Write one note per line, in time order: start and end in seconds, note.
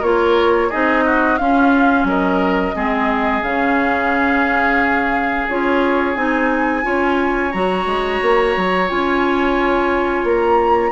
0.00 0.71 A#3
0.00 0.72 F4
0.00 0.68 A#4
0.00 0.71 C#5
0.70 1.40 C4
0.70 1.40 D#4
0.70 1.04 G#4
0.70 1.38 D#5
1.06 1.40 F#4
1.38 2.04 C#4
1.38 2.75 C#4
1.38 2.08 F4
1.38 2.06 F5
2.04 2.73 F#3
2.04 2.76 A#4
2.04 3.43 D#5
2.75 3.43 G#3
2.75 3.43 C4
2.75 6.85 G#4
3.43 5.47 C#3
3.43 5.48 C#4
3.43 5.48 F5
5.48 6.16 C#4
5.48 6.16 F4
5.48 6.16 C#5
6.16 6.85 C4
6.16 6.83 D#4
6.16 7.52 G#5
6.83 7.54 C#4
6.83 7.51 F4
6.83 10.92 C#5
7.52 7.86 F#3
7.52 8.88 F#4
7.52 8.89 A#5
7.86 8.20 G#3
8.22 8.56 A#3
8.57 8.91 F#3
8.88 10.24 C#4
8.88 10.92 F4
8.88 10.26 G#5
10.24 10.92 A#3
10.24 10.92 A#5